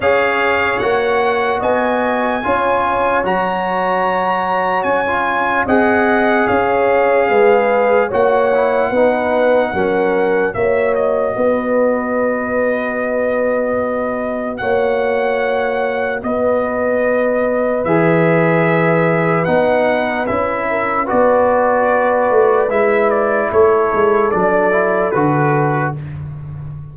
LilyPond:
<<
  \new Staff \with { instrumentName = "trumpet" } { \time 4/4 \tempo 4 = 74 f''4 fis''4 gis''2 | ais''2 gis''4 fis''4 | f''2 fis''2~ | fis''4 e''8 dis''2~ dis''8~ |
dis''2 fis''2 | dis''2 e''2 | fis''4 e''4 d''2 | e''8 d''8 cis''4 d''4 b'4 | }
  \new Staff \with { instrumentName = "horn" } { \time 4/4 cis''2 dis''4 cis''4~ | cis''2. dis''4 | cis''4 b'4 cis''4 b'4 | ais'4 cis''4 b'2~ |
b'2 cis''2 | b'1~ | b'4. ais'8 b'2~ | b'4 a'2. | }
  \new Staff \with { instrumentName = "trombone" } { \time 4/4 gis'4 fis'2 f'4 | fis'2~ fis'16 f'8. gis'4~ | gis'2 fis'8 e'8 dis'4 | cis'4 fis'2.~ |
fis'1~ | fis'2 gis'2 | dis'4 e'4 fis'2 | e'2 d'8 e'8 fis'4 | }
  \new Staff \with { instrumentName = "tuba" } { \time 4/4 cis'4 ais4 b4 cis'4 | fis2 cis'4 c'4 | cis'4 gis4 ais4 b4 | fis4 ais4 b2~ |
b2 ais2 | b2 e2 | b4 cis'4 b4. a8 | gis4 a8 gis8 fis4 d4 | }
>>